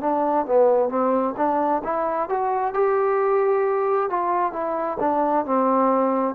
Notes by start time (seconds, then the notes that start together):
0.00 D4
0.45 B3
0.89 C4
1.37 D4
1.83 E4
2.29 F#4
2.74 G4
4.10 F4
4.52 E4
5.00 D4
5.45 C4